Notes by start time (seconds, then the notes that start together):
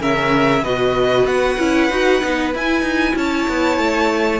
0.00 C#3 C#4 A#4 E5
0.62 B2 F#4 B4 D#5
1.25 B3 F#5
1.58 C#4 E4
1.90 D#4 F#4
2.21 B3 D#4
2.53 E4 G#5
2.81 D#4
3.16 C#4 C#5 A5
3.48 B3
3.77 A3